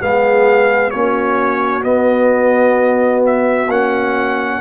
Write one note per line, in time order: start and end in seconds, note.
0.00 0.95 G#3
0.00 0.92 B3
0.00 0.92 G#4
0.00 0.91 F5
0.91 1.84 A#3
0.91 1.84 C#4
0.91 4.61 F#4
0.91 1.83 C#5
1.84 3.68 B3
1.84 3.69 B3
1.84 3.23 D#5
3.26 3.71 E5
3.68 4.60 A#3
3.68 4.61 C#4
3.68 4.61 F#5